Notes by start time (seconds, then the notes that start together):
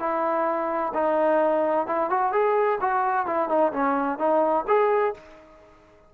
0.00 E4
0.95 D#4
1.87 E4
2.11 F#4
2.33 G#4
2.81 F#4
3.27 E4
3.49 D#4
3.73 C#4
4.19 D#4
4.68 G#4